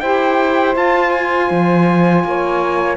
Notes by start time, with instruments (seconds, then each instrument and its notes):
0.00 cello E4, saxophone G4 C5, trumpet G5
0.74 saxophone F4, cello F4, trumpet A5
1.11 trumpet G#5
1.51 cello F3
2.24 cello A#3, saxophone C#5